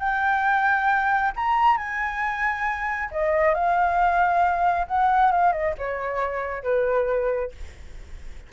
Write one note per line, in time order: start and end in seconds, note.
0.00 1.32 G5
1.36 1.77 A#5
1.77 3.10 G#5
3.11 3.55 D#5
3.55 4.87 F5
4.88 5.32 F#5
5.32 5.53 F5
5.53 5.75 D#5
5.78 6.64 C#5
6.64 7.52 B4